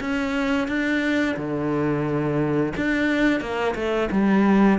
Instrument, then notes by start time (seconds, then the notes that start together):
cello
0.00 C#4
0.67 D4
1.37 D3
2.76 D4
3.40 A#3
3.75 A3
4.11 G3